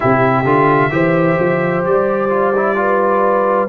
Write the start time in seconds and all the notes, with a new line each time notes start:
0.00 C3 E4 G4 E5
0.44 D3 F4
0.90 E3 G4 C5
1.39 F3
1.85 G3 D5
2.29 F4
2.56 E4
2.75 F4 B4